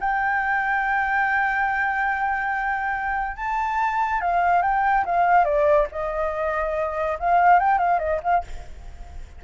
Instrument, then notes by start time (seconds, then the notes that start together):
flute
0.00 G5
3.36 A5
4.21 F5
4.62 G5
5.05 F5
5.44 D5
5.91 D#5
7.19 F5
7.59 G5
7.78 F5
7.99 D#5
8.23 F5